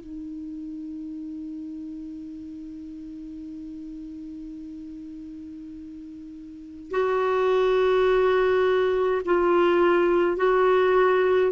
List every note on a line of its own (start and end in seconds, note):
0.00 6.91 D#4
6.91 9.22 F#4
9.26 10.37 F4
10.37 11.52 F#4